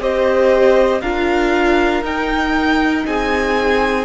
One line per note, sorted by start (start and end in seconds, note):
0.00 1.02 C4
0.00 1.03 G4
0.00 1.02 C5
0.00 1.02 D#5
1.02 2.03 D4
1.02 2.04 F4
1.02 3.05 A#4
1.02 2.03 F5
2.03 3.05 D#4
2.03 4.05 D#4
2.03 3.06 G5
3.06 4.05 C4
3.06 4.05 G#4
3.06 4.05 G#5